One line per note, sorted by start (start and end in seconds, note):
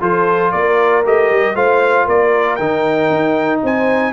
0.00 0.53 F3
0.00 1.03 F4
0.00 0.52 A4
0.00 0.51 C5
0.51 1.05 A#3
0.51 1.55 A#4
0.51 1.03 D5
1.04 1.31 A3
1.04 1.55 G4
1.04 1.55 D#5
1.31 1.55 G3
1.55 2.06 A3
1.55 2.59 F4
1.55 2.05 C5
1.55 2.07 F5
2.05 2.59 A#3
2.05 3.60 A#4
2.05 2.55 D5
2.55 3.09 D#3
2.55 4.12 D#4
2.55 3.59 G5
3.09 3.61 D#4
3.63 4.12 C4
3.63 4.12 C5
3.63 4.12 G#5